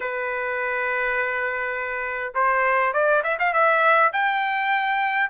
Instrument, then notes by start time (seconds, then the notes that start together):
trumpet
0.00 B4
2.34 C5
2.93 D5
3.23 E5
3.39 F5
3.53 E5
4.12 G5